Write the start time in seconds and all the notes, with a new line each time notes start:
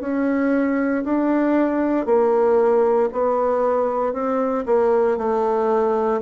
0.00 C#4
1.04 D4
2.05 A#3
3.12 B3
4.12 C4
4.66 A#3
5.17 A3